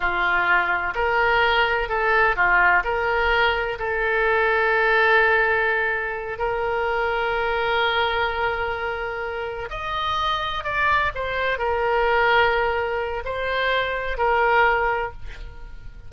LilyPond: \new Staff \with { instrumentName = "oboe" } { \time 4/4 \tempo 4 = 127 f'2 ais'2 | a'4 f'4 ais'2 | a'1~ | a'4. ais'2~ ais'8~ |
ais'1~ | ais'8 dis''2 d''4 c''8~ | c''8 ais'2.~ ais'8 | c''2 ais'2 | }